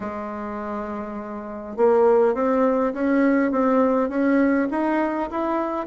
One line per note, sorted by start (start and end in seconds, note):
0.00 1.76 G#3
1.76 2.34 A#3
2.34 2.93 C4
2.93 3.51 C#4
3.51 4.09 C4
4.09 4.68 C#4
4.70 5.29 D#4
5.30 5.86 E4